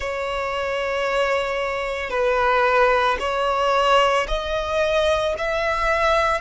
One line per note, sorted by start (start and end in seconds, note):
0.00 2.09 C#5
2.09 3.17 B4
3.19 4.26 C#5
4.28 5.35 D#5
5.38 6.40 E5